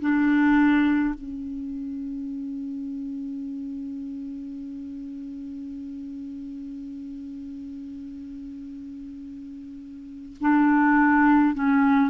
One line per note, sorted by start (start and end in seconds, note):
0.00 1.14 D4
1.14 10.37 C#4
10.40 11.54 D4
11.54 12.10 C#4